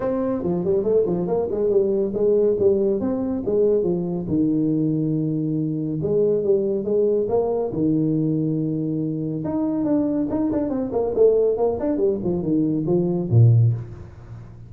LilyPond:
\new Staff \with { instrumentName = "tuba" } { \time 4/4 \tempo 4 = 140 c'4 f8 g8 a8 f8 ais8 gis8 | g4 gis4 g4 c'4 | gis4 f4 dis2~ | dis2 gis4 g4 |
gis4 ais4 dis2~ | dis2 dis'4 d'4 | dis'8 d'8 c'8 ais8 a4 ais8 d'8 | g8 f8 dis4 f4 ais,4 | }